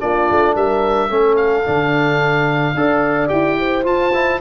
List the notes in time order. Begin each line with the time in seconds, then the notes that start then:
0.00 A#3 D4 F4 D5
0.31 A3
0.55 G3 A#4 E5
1.10 A3 C#4 A4
1.37 F5
1.65 D3 D4
2.75 D4 A4 D5
3.28 E4 G4 G5
3.59 C5
3.84 F4 A5
4.14 E4